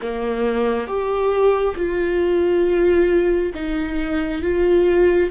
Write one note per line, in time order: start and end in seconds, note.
0.02 0.87 A#3
0.87 1.75 G4
1.76 3.53 F4
3.54 4.42 D#4
4.42 5.30 F4